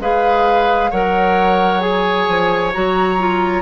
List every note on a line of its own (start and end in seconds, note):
0.00 0.91 G#3
0.00 0.93 G#4
0.00 0.91 B4
0.00 0.92 F5
0.91 2.29 F#3
0.91 1.81 A#4
0.91 3.62 C#5
0.91 1.81 F#5
1.81 2.72 G#4
1.81 2.72 G#5
2.29 2.74 F3
2.73 3.62 F#3
2.73 3.19 F#4
2.73 3.62 A#5
3.19 3.62 F4